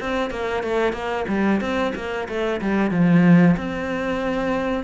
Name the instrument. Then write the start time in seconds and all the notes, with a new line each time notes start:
cello
0.00 C4
0.30 A#3
0.63 A3
0.92 A#3
1.28 G3
1.60 C4
1.95 A#3
2.28 A3
2.61 G3
2.91 F3
3.57 C4